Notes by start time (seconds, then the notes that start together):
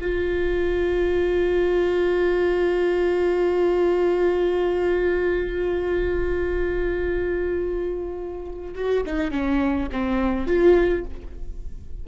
0.00 F4
8.75 F#4
9.05 D#4
9.31 C#4
9.92 C4
10.46 F4